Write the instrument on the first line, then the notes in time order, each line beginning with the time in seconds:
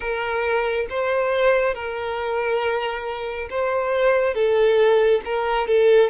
violin
0.00 A#4
0.89 C5
1.74 A#4
3.50 C5
4.34 A4
5.25 A#4
5.67 A4